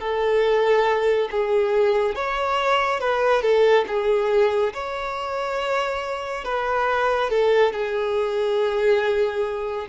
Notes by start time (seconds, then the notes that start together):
0.00 A4
1.31 G#4
2.15 C#5
3.00 B4
3.42 A4
3.87 G#4
4.73 C#5
6.44 B4
7.30 A4
7.72 G#4